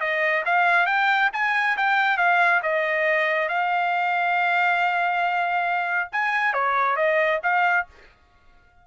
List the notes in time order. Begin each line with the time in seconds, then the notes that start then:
0.00 D#5
0.45 F5
0.86 G5
1.33 G#5
1.77 G5
2.18 F5
2.62 D#5
3.49 F5
6.12 G#5
6.53 C#5
6.96 D#5
7.43 F5